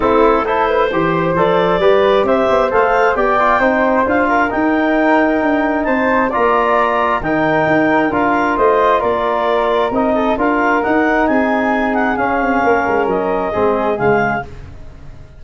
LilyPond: <<
  \new Staff \with { instrumentName = "clarinet" } { \time 4/4 \tempo 4 = 133 a'4 c''2 d''4~ | d''4 e''4 f''4 g''4~ | g''4 f''4 g''2~ | g''4 a''4 ais''2 |
g''2 f''4 dis''4 | d''2 dis''4 f''4 | fis''4 gis''4. fis''8 f''4~ | f''4 dis''2 f''4 | }
  \new Staff \with { instrumentName = "flute" } { \time 4/4 e'4 a'8 b'8 c''2 | b'4 c''2 d''4 | c''4. ais'2~ ais'8~ | ais'4 c''4 d''2 |
ais'2. c''4 | ais'2~ ais'8 a'8 ais'4~ | ais'4 gis'2. | ais'2 gis'2 | }
  \new Staff \with { instrumentName = "trombone" } { \time 4/4 c'4 e'4 g'4 a'4 | g'2 a'4 g'8 f'8 | dis'4 f'4 dis'2~ | dis'2 f'2 |
dis'2 f'2~ | f'2 dis'4 f'4 | dis'2. cis'4~ | cis'2 c'4 gis4 | }
  \new Staff \with { instrumentName = "tuba" } { \time 4/4 a2 e4 f4 | g4 c'8 b8 a4 b4 | c'4 d'4 dis'2 | d'4 c'4 ais2 |
dis4 dis'4 d'4 a4 | ais2 c'4 d'4 | dis'4 c'2 cis'8 c'8 | ais8 gis8 fis4 gis4 cis4 | }
>>